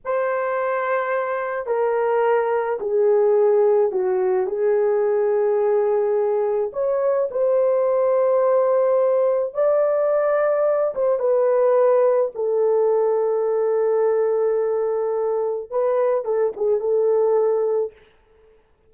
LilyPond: \new Staff \with { instrumentName = "horn" } { \time 4/4 \tempo 4 = 107 c''2. ais'4~ | ais'4 gis'2 fis'4 | gis'1 | cis''4 c''2.~ |
c''4 d''2~ d''8 c''8 | b'2 a'2~ | a'1 | b'4 a'8 gis'8 a'2 | }